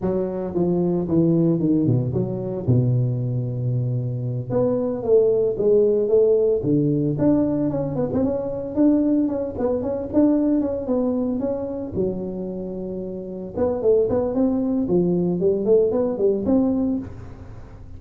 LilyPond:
\new Staff \with { instrumentName = "tuba" } { \time 4/4 \tempo 4 = 113 fis4 f4 e4 dis8 b,8 | fis4 b,2.~ | b,8 b4 a4 gis4 a8~ | a8 d4 d'4 cis'8 b16 c'16 cis'8~ |
cis'8 d'4 cis'8 b8 cis'8 d'4 | cis'8 b4 cis'4 fis4.~ | fis4. b8 a8 b8 c'4 | f4 g8 a8 b8 g8 c'4 | }